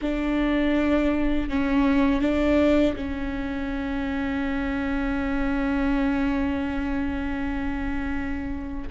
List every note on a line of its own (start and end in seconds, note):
0.01 1.48 D4
1.48 2.21 C#4
2.21 2.95 D4
2.96 8.88 C#4